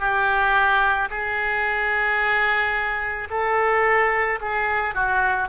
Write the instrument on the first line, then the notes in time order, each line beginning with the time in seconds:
oboe
0.00 G4
1.11 G#4
3.31 A4
4.42 G#4
4.95 F#4